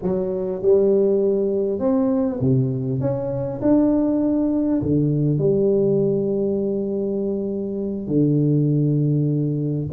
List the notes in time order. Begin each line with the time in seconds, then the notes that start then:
0.02 F#3
0.61 G3
1.79 C4
2.40 C3
3.00 C#4
3.61 D4
4.82 D3
5.38 G3
8.07 D3